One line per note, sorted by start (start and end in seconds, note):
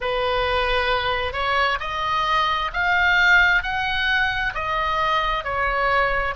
0.00 1.33 B4
1.33 1.78 C#5
1.80 2.71 D#5
2.73 3.62 F5
3.62 4.53 F#5
4.54 5.43 D#5
5.43 6.34 C#5